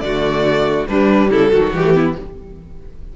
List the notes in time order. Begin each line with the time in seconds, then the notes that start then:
0.00 D3 A3 F#4 D5
0.87 G3 D4 B4
1.30 C#3 E4 A4
1.52 D#3 F#3 F#4
1.72 E3 G3 G4
1.84 A3
1.94 B3 E4